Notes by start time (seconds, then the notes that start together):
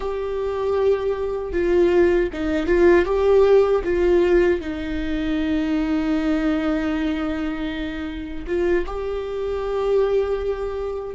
0.00 G4
1.52 F4
2.32 D#4
2.66 F4
3.05 G4
3.84 F4
4.60 D#4
8.46 F4
8.86 G4